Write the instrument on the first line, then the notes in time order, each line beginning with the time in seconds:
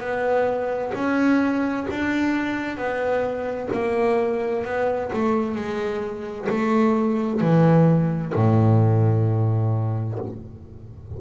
double bass
0.00 B3
0.94 C#4
1.90 D4
2.77 B3
3.72 A#3
4.64 B3
5.12 A3
5.55 G#3
6.49 A3
7.41 E3
8.34 A2